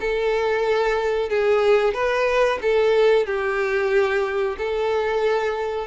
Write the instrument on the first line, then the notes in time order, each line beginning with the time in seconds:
violin
0.00 A4
1.29 G#4
1.94 B4
2.61 A4
3.26 G4
4.57 A4